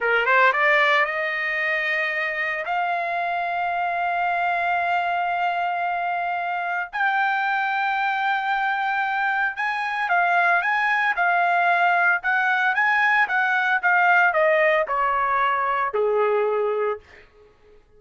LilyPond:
\new Staff \with { instrumentName = "trumpet" } { \time 4/4 \tempo 4 = 113 ais'8 c''8 d''4 dis''2~ | dis''4 f''2.~ | f''1~ | f''4 g''2.~ |
g''2 gis''4 f''4 | gis''4 f''2 fis''4 | gis''4 fis''4 f''4 dis''4 | cis''2 gis'2 | }